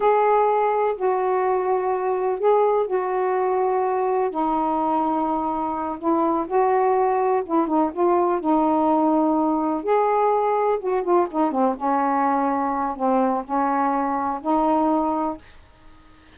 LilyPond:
\new Staff \with { instrumentName = "saxophone" } { \time 4/4 \tempo 4 = 125 gis'2 fis'2~ | fis'4 gis'4 fis'2~ | fis'4 dis'2.~ | dis'8 e'4 fis'2 e'8 |
dis'8 f'4 dis'2~ dis'8~ | dis'8 gis'2 fis'8 f'8 dis'8 | c'8 cis'2~ cis'8 c'4 | cis'2 dis'2 | }